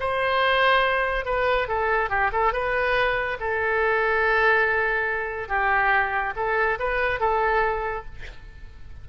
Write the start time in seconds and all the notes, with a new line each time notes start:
0.00 C5
1.25 B4
1.68 A4
2.10 G4
2.32 A4
2.53 B4
3.40 A4
5.48 G4
6.36 A4
6.79 B4
7.20 A4